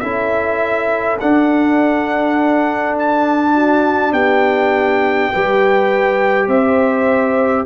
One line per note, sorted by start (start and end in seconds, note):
0.00 1.20 C#4
0.00 1.18 E4
0.00 3.55 A4
0.00 1.18 E5
1.20 5.34 D4
1.20 4.13 D4
1.20 2.97 F#5
2.99 4.13 A5
3.55 4.13 F#4
4.13 5.30 B3
4.13 5.31 G4
4.13 6.49 G5
5.33 6.48 G3
5.33 7.67 G4
5.33 6.48 B4
6.48 7.65 C4
6.48 7.66 C5
6.48 7.67 E5